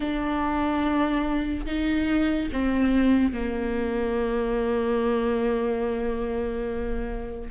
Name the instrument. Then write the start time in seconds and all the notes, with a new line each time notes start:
viola
0.00 D4
1.66 D#4
2.52 C4
3.33 A#3